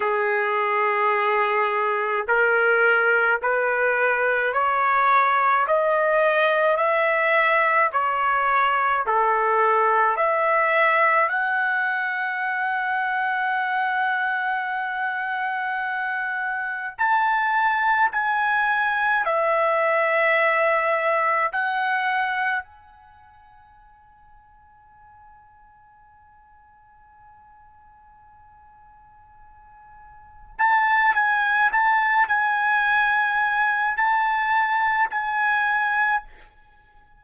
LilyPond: \new Staff \with { instrumentName = "trumpet" } { \time 4/4 \tempo 4 = 53 gis'2 ais'4 b'4 | cis''4 dis''4 e''4 cis''4 | a'4 e''4 fis''2~ | fis''2. a''4 |
gis''4 e''2 fis''4 | gis''1~ | gis''2. a''8 gis''8 | a''8 gis''4. a''4 gis''4 | }